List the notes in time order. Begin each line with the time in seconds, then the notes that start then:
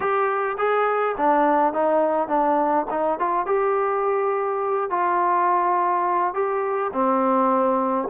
0.00 G4
0.58 G#4
1.17 D4
1.73 D#4
2.28 D4
2.90 D#4
3.19 F4
3.46 G4
4.89 F4
6.34 G4
6.93 C4